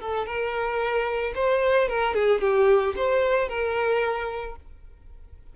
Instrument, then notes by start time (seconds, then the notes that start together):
violin
0.00 A4
0.26 A#4
1.35 C5
1.88 A#4
2.14 G#4
2.40 G4
2.96 C5
3.48 A#4